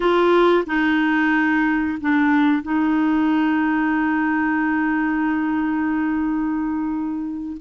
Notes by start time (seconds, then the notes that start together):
0.00 F4
0.66 D#4
2.00 D4
2.62 D#4